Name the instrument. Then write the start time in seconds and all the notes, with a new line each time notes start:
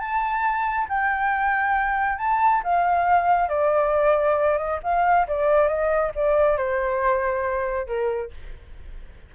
flute
0.00 A5
0.89 G5
2.19 A5
2.64 F5
3.49 D5
4.58 D#5
4.84 F5
5.28 D5
5.68 D#5
6.16 D5
6.58 C5
7.87 A#4